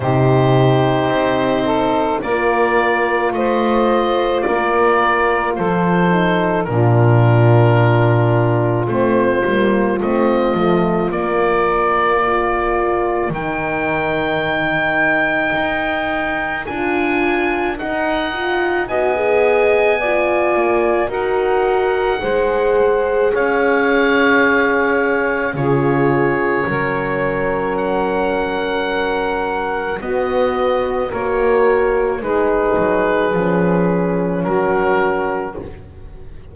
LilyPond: <<
  \new Staff \with { instrumentName = "oboe" } { \time 4/4 \tempo 4 = 54 c''2 d''4 dis''4 | d''4 c''4 ais'2 | c''4 dis''4 d''2 | g''2. gis''4 |
fis''4 gis''2 fis''4~ | fis''4 f''2 cis''4~ | cis''4 fis''2 dis''4 | cis''4 b'2 ais'4 | }
  \new Staff \with { instrumentName = "saxophone" } { \time 4/4 g'4. a'8 ais'4 c''4 | ais'4 a'4 f'2~ | f'2. ais'4~ | ais'1~ |
ais'4 dis''4 d''4 ais'4 | c''4 cis''2 gis'4 | ais'2. fis'4 | ais'4 gis'2 fis'4 | }
  \new Staff \with { instrumentName = "horn" } { \time 4/4 dis'2 f'2~ | f'4. dis'8 d'2 | c'8 ais8 c'8 a8 ais4 f'4 | dis'2. f'4 |
dis'8 f'8 fis'16 gis'8. f'4 fis'4 | gis'2. f'4 | cis'2. b4 | fis'4 dis'4 cis'2 | }
  \new Staff \with { instrumentName = "double bass" } { \time 4/4 c4 c'4 ais4 a4 | ais4 f4 ais,2 | a8 g8 a8 f8 ais2 | dis2 dis'4 d'4 |
dis'4 b4. ais8 dis'4 | gis4 cis'2 cis4 | fis2. b4 | ais4 gis8 fis8 f4 fis4 | }
>>